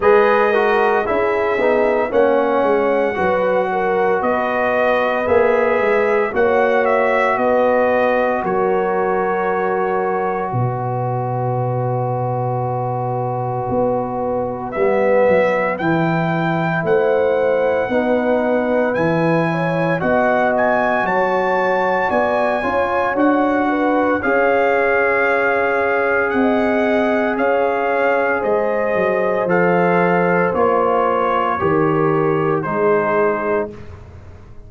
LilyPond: <<
  \new Staff \with { instrumentName = "trumpet" } { \time 4/4 \tempo 4 = 57 dis''4 e''4 fis''2 | dis''4 e''4 fis''8 e''8 dis''4 | cis''2 dis''2~ | dis''2 e''4 g''4 |
fis''2 gis''4 fis''8 gis''8 | a''4 gis''4 fis''4 f''4~ | f''4 fis''4 f''4 dis''4 | f''4 cis''2 c''4 | }
  \new Staff \with { instrumentName = "horn" } { \time 4/4 b'8 ais'8 gis'4 cis''4 b'8 ais'8 | b'2 cis''4 b'4 | ais'2 b'2~ | b'1 |
c''4 b'4. cis''8 dis''4 | cis''4 d''8 cis''4 b'8 cis''4~ | cis''4 dis''4 cis''4 c''4~ | c''2 ais'4 gis'4 | }
  \new Staff \with { instrumentName = "trombone" } { \time 4/4 gis'8 fis'8 e'8 dis'8 cis'4 fis'4~ | fis'4 gis'4 fis'2~ | fis'1~ | fis'2 b4 e'4~ |
e'4 dis'4 e'4 fis'4~ | fis'4. f'8 fis'4 gis'4~ | gis'1 | a'4 f'4 g'4 dis'4 | }
  \new Staff \with { instrumentName = "tuba" } { \time 4/4 gis4 cis'8 b8 ais8 gis8 fis4 | b4 ais8 gis8 ais4 b4 | fis2 b,2~ | b,4 b4 g8 fis8 e4 |
a4 b4 e4 b4 | fis4 b8 cis'8 d'4 cis'4~ | cis'4 c'4 cis'4 gis8 fis8 | f4 ais4 dis4 gis4 | }
>>